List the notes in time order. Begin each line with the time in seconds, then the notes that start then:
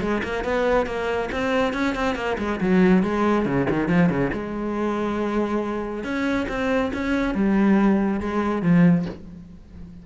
0.00 G#3
0.23 A#3
0.44 B3
0.86 A#3
1.31 C4
1.73 C#4
1.95 C4
2.15 A#3
2.38 G#3
2.60 F#3
3.03 G#3
3.45 C#3
3.69 D#3
3.88 F3
4.09 C#3
4.33 G#3
6.03 C#4
6.48 C4
6.93 C#4
7.34 G3
8.20 G#3
8.62 F3